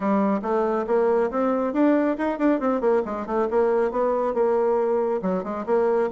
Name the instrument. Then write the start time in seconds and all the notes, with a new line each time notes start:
bassoon
0.00 G3
0.42 A3
0.87 A#3
1.30 C4
1.73 D4
2.17 D#4
2.38 D4
2.60 C4
2.80 A#3
3.05 G#3
3.26 A3
3.50 A#3
3.91 B3
4.34 A#3
5.22 F#3
5.43 G#3
5.66 A#3